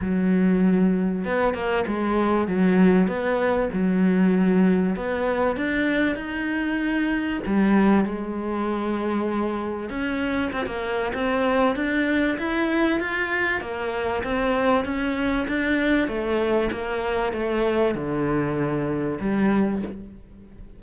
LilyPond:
\new Staff \with { instrumentName = "cello" } { \time 4/4 \tempo 4 = 97 fis2 b8 ais8 gis4 | fis4 b4 fis2 | b4 d'4 dis'2 | g4 gis2. |
cis'4 c'16 ais8. c'4 d'4 | e'4 f'4 ais4 c'4 | cis'4 d'4 a4 ais4 | a4 d2 g4 | }